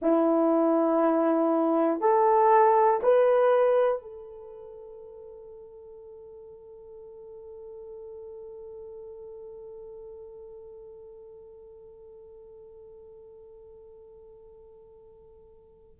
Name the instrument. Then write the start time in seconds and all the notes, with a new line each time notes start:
horn
0.01 E4
2.00 A4
3.02 B4
4.01 A4